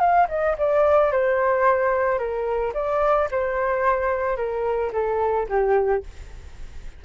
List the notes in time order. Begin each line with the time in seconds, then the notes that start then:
0.00 F5
0.29 D#5
0.58 D5
1.12 C5
2.19 A#4
2.74 D5
3.31 C5
4.37 A#4
4.93 A4
5.49 G4